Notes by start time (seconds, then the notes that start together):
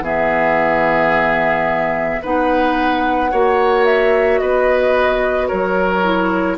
0.00 E3 B3 G#4 E5
2.22 B3 D#4 B4 F#5
3.31 A#3 F#4 C#5
3.85 E5
4.39 B3 B4 D#5
5.48 F#3 A#4 C#5
6.04 E4